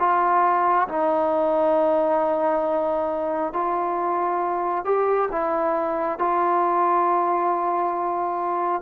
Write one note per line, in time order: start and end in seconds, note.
0.00 0.88 F4
0.89 3.53 D#4
3.53 4.85 F4
4.85 5.29 G4
5.32 6.19 E4
6.19 8.82 F4